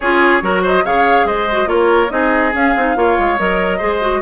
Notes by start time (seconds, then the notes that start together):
0.00 C#4 F4 G#4 C#5
0.42 F#3 F#4 A#4
0.62 C5 D#5
0.85 C#3 G#4 C#5 F5
1.24 G#3 C5 D#5
1.51 F#4
1.65 A#3 F4 A#4 C#5
2.10 C4 D#4 G#4 D#5
2.53 C#4 F5
2.75 C4 D#4
2.95 A#3 F4 C#5
3.18 G#3
3.38 F#3 A#4 D#5
3.77 G#3 G#4 C5
4.01 F#4